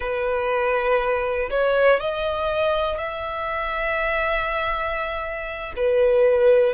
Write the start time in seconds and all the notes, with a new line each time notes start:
0.00 B4
1.50 C#5
2.00 D#5
2.98 E5
5.76 B4